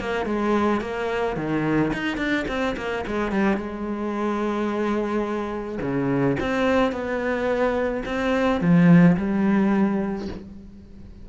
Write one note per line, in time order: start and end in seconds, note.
0.00 0.26 A#3
0.26 0.81 G#3
0.81 1.37 A#3
1.37 1.92 D#3
1.93 2.17 D#4
2.17 2.45 D4
2.48 2.76 C4
2.77 3.05 A#3
3.07 3.32 G#3
3.32 3.57 G3
3.57 5.79 G#3
5.81 6.37 C#3
6.40 6.92 C4
6.92 8.03 B3
8.05 8.61 C4
8.61 9.17 F3
9.17 10.28 G3